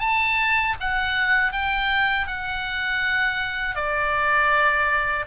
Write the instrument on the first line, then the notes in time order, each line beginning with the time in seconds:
oboe
0.00 A5
0.80 F#5
1.53 G5
2.27 F#5
3.76 D5